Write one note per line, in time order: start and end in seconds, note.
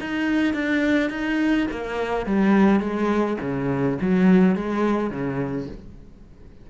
0.00 0.53 D#4
0.53 1.10 D4
1.10 1.67 D#4
1.71 2.26 A#3
2.26 2.80 G3
2.80 3.37 G#3
3.41 3.98 C#3
4.01 4.55 F#3
4.55 5.10 G#3
5.10 5.67 C#3